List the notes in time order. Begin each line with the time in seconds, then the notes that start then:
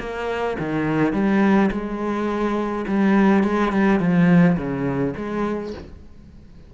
0.00 A#3
0.59 D#3
1.13 G3
1.71 G#3
2.88 G3
3.44 G#3
3.72 G3
4.00 F3
4.57 C#3
5.17 G#3